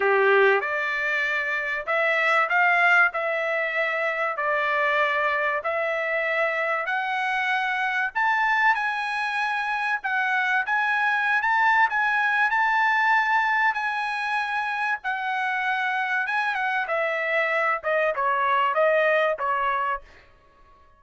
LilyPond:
\new Staff \with { instrumentName = "trumpet" } { \time 4/4 \tempo 4 = 96 g'4 d''2 e''4 | f''4 e''2 d''4~ | d''4 e''2 fis''4~ | fis''4 a''4 gis''2 |
fis''4 gis''4~ gis''16 a''8. gis''4 | a''2 gis''2 | fis''2 gis''8 fis''8 e''4~ | e''8 dis''8 cis''4 dis''4 cis''4 | }